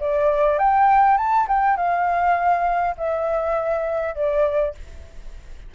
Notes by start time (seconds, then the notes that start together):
0.00 D5
0.59 G5
1.17 A5
1.48 G5
1.77 F5
2.97 E5
4.15 D5